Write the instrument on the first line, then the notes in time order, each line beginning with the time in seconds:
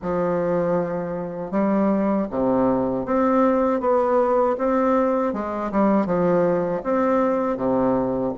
bassoon
0.02 F3
1.51 G3
2.30 C3
3.05 C4
3.80 B3
4.58 C4
5.33 G#3
5.71 G3
6.06 F3
6.83 C4
7.56 C3